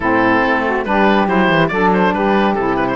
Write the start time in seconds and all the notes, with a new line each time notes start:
0.00 A2 C4 E4 A4
0.43 A3
0.65 F#4
0.85 G3 D4 G4 B4
1.27 F#3 E4 C5
1.49 E3
1.68 F#3 D4 A4 D5
1.92 C5
2.12 G3 G4 B4
2.54 C3 E4 A4
2.76 B4
2.87 C5